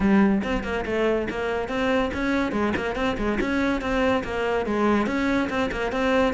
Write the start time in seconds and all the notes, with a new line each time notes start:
0.00 G3
0.43 C4
0.63 A#3
0.85 A3
1.29 A#3
1.68 C4
2.13 C#4
2.52 G#3
2.76 A#3
2.95 C4
3.17 G#3
3.40 C#4
3.81 C4
4.23 A#3
4.66 G#3
5.06 C#4
5.49 C4
5.71 A#3
5.92 C4